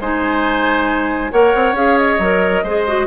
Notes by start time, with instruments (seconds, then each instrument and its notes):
0.00 bassoon G#3, clarinet D#4, oboe C5, flute G#5
1.31 bassoon A#3, clarinet A#4, oboe C#5, flute F#5
1.54 bassoon C4
1.73 bassoon C#4, clarinet G#4, flute F5
1.98 flute D#5
2.19 bassoon F#3, clarinet A#4
2.63 bassoon G#3, clarinet G#4, oboe C5
2.87 clarinet F#4